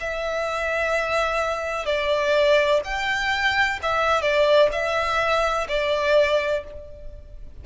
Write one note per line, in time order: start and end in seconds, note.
0.00 1.86 E5
1.86 2.81 D5
2.84 3.80 G5
3.82 4.22 E5
4.22 4.69 D5
4.72 5.67 E5
5.69 6.64 D5